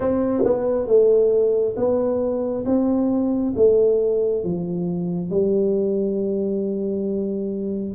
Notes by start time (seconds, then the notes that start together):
0.00 C4
0.44 B3
0.86 A3
1.76 B3
2.65 C4
3.55 A3
4.44 F3
5.29 G3